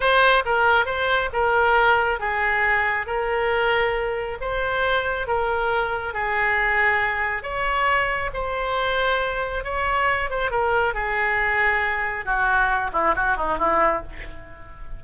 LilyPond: \new Staff \with { instrumentName = "oboe" } { \time 4/4 \tempo 4 = 137 c''4 ais'4 c''4 ais'4~ | ais'4 gis'2 ais'4~ | ais'2 c''2 | ais'2 gis'2~ |
gis'4 cis''2 c''4~ | c''2 cis''4. c''8 | ais'4 gis'2. | fis'4. e'8 fis'8 dis'8 e'4 | }